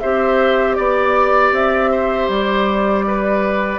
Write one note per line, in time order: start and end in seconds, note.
0.00 0.78 C4
0.00 3.78 G4
0.00 0.77 C5
0.00 0.74 E5
0.74 1.52 B3
0.74 1.50 D5
0.74 1.91 D5
1.52 2.28 C4
1.52 2.30 E5
1.91 3.05 C5
2.28 3.78 G3
2.28 3.78 D5
3.07 3.78 B4